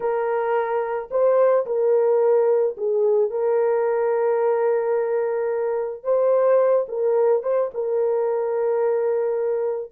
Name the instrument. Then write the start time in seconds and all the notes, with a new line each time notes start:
horn
0.00 A#4
1.10 C5
1.65 A#4
2.77 G#4
3.30 A#4
6.03 C5
6.88 A#4
7.42 C5
7.74 A#4